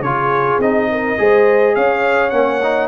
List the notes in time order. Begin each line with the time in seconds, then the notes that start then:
0.00 C#3 F4 G#4 C#5
0.58 C4 D#4 D#5
0.91 A#4
1.18 G#3 G#4 C5
1.75 C#4 C#5 F5
2.30 A#3 C#4 F#5
2.62 D#4